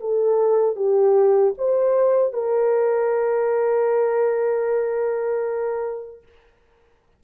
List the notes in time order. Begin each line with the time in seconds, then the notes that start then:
0.00 A4
0.76 G4
1.58 C5
2.33 A#4